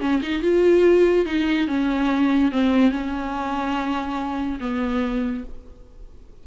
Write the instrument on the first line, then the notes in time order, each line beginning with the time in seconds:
viola
0.00 C#4
0.22 D#4
0.41 F4
1.25 D#4
1.67 C#4
2.51 C4
2.91 C#4
4.60 B3